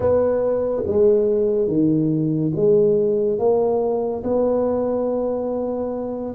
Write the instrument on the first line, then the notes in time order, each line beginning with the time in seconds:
tuba
0.00 B3
0.86 G#3
1.67 D#3
2.55 G#3
3.38 A#3
4.23 B3